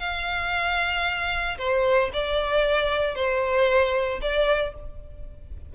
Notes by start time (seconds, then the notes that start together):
0.00 F5
1.59 C5
2.14 D5
3.16 C5
4.22 D5